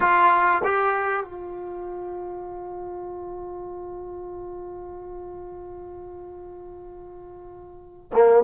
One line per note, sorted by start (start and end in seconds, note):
0.00 0.61 F4
0.64 1.23 G4
1.23 8.11 F4
8.12 8.43 A#3